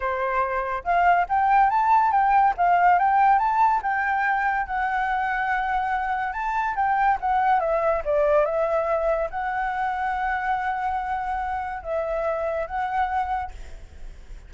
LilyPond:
\new Staff \with { instrumentName = "flute" } { \time 4/4 \tempo 4 = 142 c''2 f''4 g''4 | a''4 g''4 f''4 g''4 | a''4 g''2 fis''4~ | fis''2. a''4 |
g''4 fis''4 e''4 d''4 | e''2 fis''2~ | fis''1 | e''2 fis''2 | }